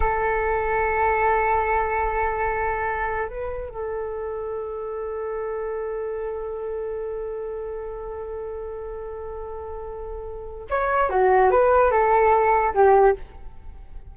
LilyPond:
\new Staff \with { instrumentName = "flute" } { \time 4/4 \tempo 4 = 146 a'1~ | a'1 | b'4 a'2.~ | a'1~ |
a'1~ | a'1~ | a'2 cis''4 fis'4 | b'4 a'2 g'4 | }